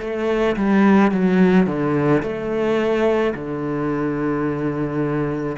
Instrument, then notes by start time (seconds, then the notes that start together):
cello
0.00 A3
0.56 G3
1.11 F#3
1.66 D3
2.22 A3
3.34 D3